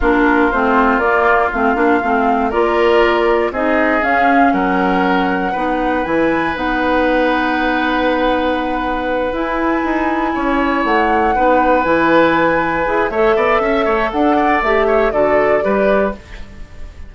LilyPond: <<
  \new Staff \with { instrumentName = "flute" } { \time 4/4 \tempo 4 = 119 ais'4 c''4 d''4 f''4~ | f''4 d''2 dis''4 | f''4 fis''2. | gis''4 fis''2.~ |
fis''2~ fis''8 gis''4.~ | gis''4. fis''2 gis''8~ | gis''2 e''2 | fis''4 e''4 d''2 | }
  \new Staff \with { instrumentName = "oboe" } { \time 4/4 f'1~ | f'4 ais'2 gis'4~ | gis'4 ais'2 b'4~ | b'1~ |
b'1~ | b'8 cis''2 b'4.~ | b'2 cis''8 d''8 e''8 cis''8 | a'8 d''4 cis''8 a'4 b'4 | }
  \new Staff \with { instrumentName = "clarinet" } { \time 4/4 d'4 c'4 ais4 c'8 d'8 | c'4 f'2 dis'4 | cis'2. dis'4 | e'4 dis'2.~ |
dis'2~ dis'8 e'4.~ | e'2~ e'8 dis'4 e'8~ | e'4. gis'8 a'2~ | a'4 g'4 fis'4 g'4 | }
  \new Staff \with { instrumentName = "bassoon" } { \time 4/4 ais4 a4 ais4 a8 ais8 | a4 ais2 c'4 | cis'4 fis2 b4 | e4 b2.~ |
b2~ b8 e'4 dis'8~ | dis'8 cis'4 a4 b4 e8~ | e4. e'8 a8 b8 cis'8 a8 | d'4 a4 d4 g4 | }
>>